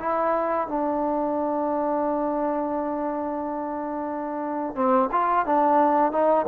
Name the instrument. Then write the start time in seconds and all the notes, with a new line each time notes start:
trombone
0.00 E4
0.68 D4
4.76 C4
5.12 F4
5.46 D4
6.12 D#4